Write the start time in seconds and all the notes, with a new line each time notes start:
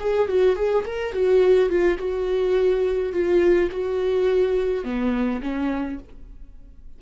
0.00 G#4
0.29 F#4
0.56 G#4
0.86 A#4
1.13 F#4
1.70 F4
1.98 F#4
3.13 F4
3.71 F#4
4.84 B3
5.42 C#4